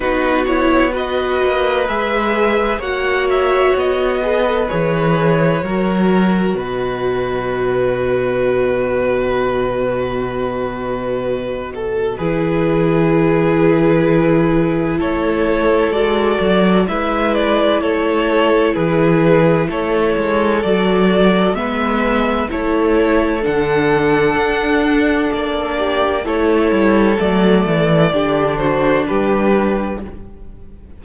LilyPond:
<<
  \new Staff \with { instrumentName = "violin" } { \time 4/4 \tempo 4 = 64 b'8 cis''8 dis''4 e''4 fis''8 e''8 | dis''4 cis''2 dis''4~ | dis''1~ | dis''4 b'2. |
cis''4 d''4 e''8 d''8 cis''4 | b'4 cis''4 d''4 e''4 | cis''4 fis''2 d''4 | cis''4 d''4. c''8 b'4 | }
  \new Staff \with { instrumentName = "violin" } { \time 4/4 fis'4 b'2 cis''4~ | cis''8 b'4. ais'4 b'4~ | b'1~ | b'8 a'8 gis'2. |
a'2 b'4 a'4 | gis'4 a'2 b'4 | a'2.~ a'8 g'8 | a'2 g'8 fis'8 g'4 | }
  \new Staff \with { instrumentName = "viola" } { \time 4/4 dis'8 e'8 fis'4 gis'4 fis'4~ | fis'8 gis'16 a'16 gis'4 fis'2~ | fis'1~ | fis'4 e'2.~ |
e'4 fis'4 e'2~ | e'2 fis'4 b4 | e'4 d'2. | e'4 a4 d'2 | }
  \new Staff \with { instrumentName = "cello" } { \time 4/4 b4. ais8 gis4 ais4 | b4 e4 fis4 b,4~ | b,1~ | b,4 e2. |
a4 gis8 fis8 gis4 a4 | e4 a8 gis8 fis4 gis4 | a4 d4 d'4 ais4 | a8 g8 fis8 e8 d4 g4 | }
>>